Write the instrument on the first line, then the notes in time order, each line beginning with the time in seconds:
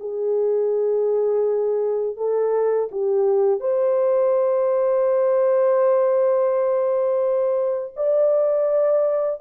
horn
0.00 G#4
2.17 A4
2.91 G4
3.60 C5
7.96 D5